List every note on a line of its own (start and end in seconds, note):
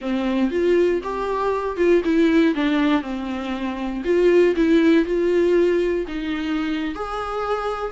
0.01 0.50 C4
0.50 1.01 F4
1.03 1.76 G4
1.76 2.02 F4
2.04 2.54 E4
2.54 3.02 D4
3.02 4.02 C4
4.04 4.54 F4
4.56 5.05 E4
5.05 6.05 F4
6.07 6.94 D#4
6.94 7.92 G#4